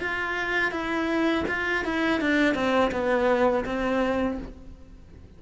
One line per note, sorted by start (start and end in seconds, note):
0.00 0.72 F4
0.72 1.45 E4
1.48 1.85 F4
1.85 2.21 E4
2.21 2.54 D4
2.54 2.91 C4
2.92 3.65 B3
3.65 4.38 C4